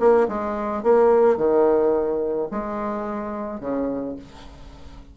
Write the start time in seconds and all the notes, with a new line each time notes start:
0.00 A#3
0.29 G#3
0.83 A#3
1.37 D#3
2.51 G#3
3.60 C#3